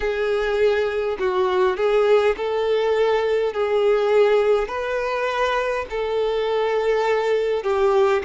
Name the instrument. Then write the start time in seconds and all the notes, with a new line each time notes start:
violin
0.00 G#4
1.19 F#4
1.76 G#4
2.36 A4
3.53 G#4
4.67 B4
5.89 A4
7.63 G4